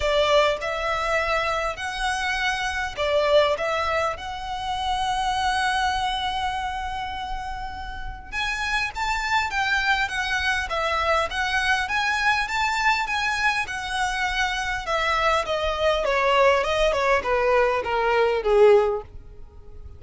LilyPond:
\new Staff \with { instrumentName = "violin" } { \time 4/4 \tempo 4 = 101 d''4 e''2 fis''4~ | fis''4 d''4 e''4 fis''4~ | fis''1~ | fis''2 gis''4 a''4 |
g''4 fis''4 e''4 fis''4 | gis''4 a''4 gis''4 fis''4~ | fis''4 e''4 dis''4 cis''4 | dis''8 cis''8 b'4 ais'4 gis'4 | }